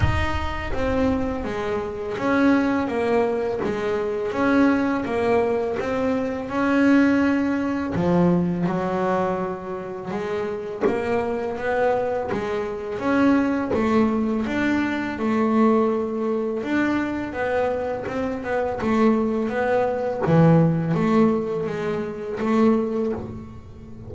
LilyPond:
\new Staff \with { instrumentName = "double bass" } { \time 4/4 \tempo 4 = 83 dis'4 c'4 gis4 cis'4 | ais4 gis4 cis'4 ais4 | c'4 cis'2 f4 | fis2 gis4 ais4 |
b4 gis4 cis'4 a4 | d'4 a2 d'4 | b4 c'8 b8 a4 b4 | e4 a4 gis4 a4 | }